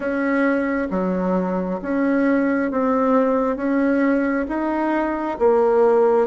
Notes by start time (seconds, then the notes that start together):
0.00 C#4
0.90 F#3
1.82 C#4
2.71 C4
3.56 C#4
4.48 D#4
5.38 A#3